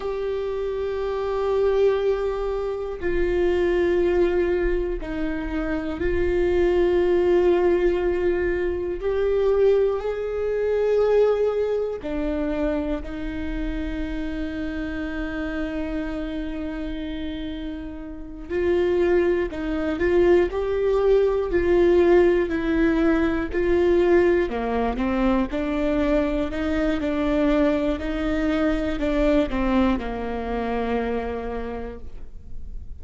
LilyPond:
\new Staff \with { instrumentName = "viola" } { \time 4/4 \tempo 4 = 60 g'2. f'4~ | f'4 dis'4 f'2~ | f'4 g'4 gis'2 | d'4 dis'2.~ |
dis'2~ dis'8 f'4 dis'8 | f'8 g'4 f'4 e'4 f'8~ | f'8 ais8 c'8 d'4 dis'8 d'4 | dis'4 d'8 c'8 ais2 | }